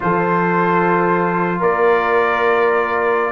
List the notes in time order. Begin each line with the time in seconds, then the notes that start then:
0.00 F3 F4 A4 C5
1.60 A#3 A#4 D5